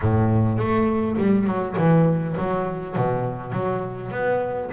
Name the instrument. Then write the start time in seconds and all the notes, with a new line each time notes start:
double bass
0.01 A2
0.57 A3
1.17 G3
1.46 F#3
1.77 E3
2.37 F#3
2.96 B2
3.52 F#3
4.11 B3